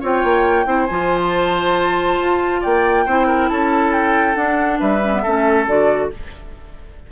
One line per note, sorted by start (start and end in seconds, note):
0.00 0.24 C4
0.00 0.66 F4
0.00 0.65 C#5
0.00 0.86 G5
0.24 0.66 A#3
0.66 0.87 C4
0.66 0.87 E4
0.66 2.60 C5
0.86 2.20 F3
0.86 3.07 F4
0.86 1.18 G#5
1.22 2.63 A5
2.20 2.63 F4
2.60 3.06 A#3
2.60 3.04 D5
2.60 3.49 G5
3.05 3.49 C4
3.05 4.35 E4
3.05 3.27 C5
3.27 3.49 A#4
3.49 4.36 C#4
3.49 4.79 A4
3.49 3.92 A5
3.92 4.35 G5
4.35 5.00 D4
4.35 4.79 D4
4.35 4.78 F#5
4.79 5.24 G3
4.79 5.22 B4
4.79 5.66 E5
5.03 5.13 C#4
5.13 5.24 B3
5.22 5.67 A3
5.22 5.67 C#4
5.22 6.09 A4
5.67 6.10 D3
5.67 6.11 F#4
5.67 6.11 D5